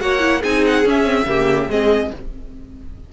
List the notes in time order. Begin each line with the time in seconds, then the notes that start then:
0.00 A#3 F#4 C#5 F#5
0.19 E4
0.41 C4 D#4 G#4 G#5
0.66 F#5
0.85 C#4 E5
1.04 C4
1.26 C#3 A#3 G4
1.68 G#3 C4 G#4 D#5